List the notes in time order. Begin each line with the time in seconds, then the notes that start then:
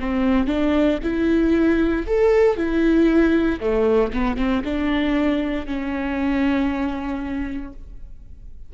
0.00 C4
0.47 D4
1.03 E4
2.07 A4
2.57 E4
3.61 A3
4.13 B3
4.37 C4
4.65 D4
5.67 C#4